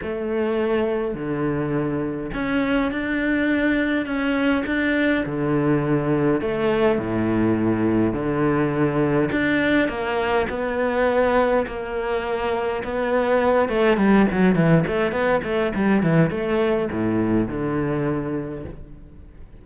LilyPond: \new Staff \with { instrumentName = "cello" } { \time 4/4 \tempo 4 = 103 a2 d2 | cis'4 d'2 cis'4 | d'4 d2 a4 | a,2 d2 |
d'4 ais4 b2 | ais2 b4. a8 | g8 fis8 e8 a8 b8 a8 g8 e8 | a4 a,4 d2 | }